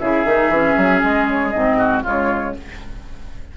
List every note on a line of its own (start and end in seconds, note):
0.00 0.25 C#3
0.00 0.26 E4
0.00 1.78 G#4
0.00 1.02 E5
0.25 0.50 D#3
0.25 0.53 D#4
0.50 0.75 E3
0.50 1.55 C#4
0.77 1.03 F#3
1.03 1.54 G#3
1.03 1.29 D#5
1.29 1.51 C#5
1.51 2.05 G#2
1.51 2.04 C4
1.51 2.01 D#5
1.78 2.03 F#4
2.03 2.56 C#3
2.03 2.55 G#3
2.03 2.54 F4
2.03 2.57 C#5